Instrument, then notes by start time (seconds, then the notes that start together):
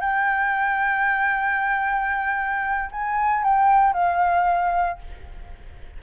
flute
0.00 G5
2.91 G#5
3.43 G5
3.93 F5